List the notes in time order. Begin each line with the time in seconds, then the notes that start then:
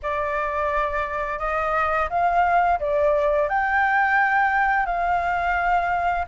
0.02 D5
1.39 D#5
2.09 F5
2.79 D5
3.49 G5
4.86 F5